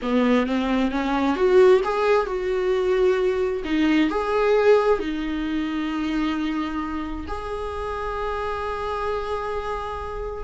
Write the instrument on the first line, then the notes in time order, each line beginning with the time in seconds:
viola
0.02 B3
0.46 C4
0.91 C#4
1.36 F#4
1.84 G#4
2.26 F#4
3.64 D#4
4.10 G#4
4.99 D#4
7.27 G#4